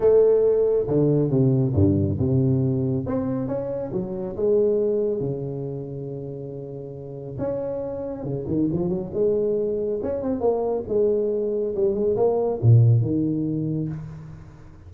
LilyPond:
\new Staff \with { instrumentName = "tuba" } { \time 4/4 \tempo 4 = 138 a2 d4 c4 | g,4 c2 c'4 | cis'4 fis4 gis2 | cis1~ |
cis4 cis'2 cis8 dis8 | f8 fis8 gis2 cis'8 c'8 | ais4 gis2 g8 gis8 | ais4 ais,4 dis2 | }